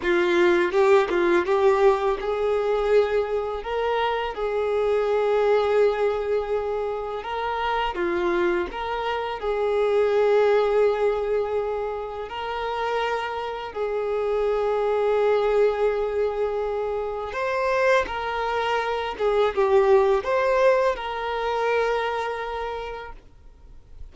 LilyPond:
\new Staff \with { instrumentName = "violin" } { \time 4/4 \tempo 4 = 83 f'4 g'8 f'8 g'4 gis'4~ | gis'4 ais'4 gis'2~ | gis'2 ais'4 f'4 | ais'4 gis'2.~ |
gis'4 ais'2 gis'4~ | gis'1 | c''4 ais'4. gis'8 g'4 | c''4 ais'2. | }